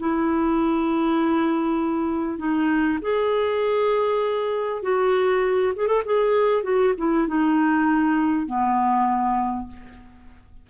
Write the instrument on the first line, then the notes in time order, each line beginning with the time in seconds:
clarinet
0.00 E4
2.39 D#4
3.02 G#4
4.83 F#4
5.76 G#4
5.88 A4
6.06 G#4
6.64 F#4
6.98 E4
7.28 D#4
8.47 B3